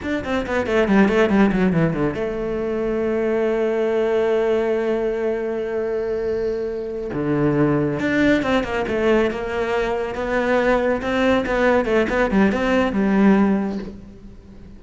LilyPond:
\new Staff \with { instrumentName = "cello" } { \time 4/4 \tempo 4 = 139 d'8 c'8 b8 a8 g8 a8 g8 fis8 | e8 d8 a2.~ | a1~ | a1~ |
a8 d2 d'4 c'8 | ais8 a4 ais2 b8~ | b4. c'4 b4 a8 | b8 g8 c'4 g2 | }